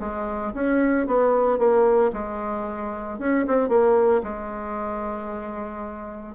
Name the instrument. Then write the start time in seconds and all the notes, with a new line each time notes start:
bassoon
0.00 G#3
0.54 C#4
1.07 B3
1.58 A#3
2.13 G#3
3.19 C#4
3.48 C4
3.69 A#3
4.23 G#3